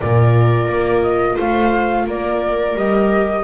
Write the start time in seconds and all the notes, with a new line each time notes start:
0.00 A#2 F4 A#4 D5
0.68 A#3
1.02 D#5
1.34 A3 C5 F5
2.06 A#3 A#4 D5
2.75 G3 G4 D#5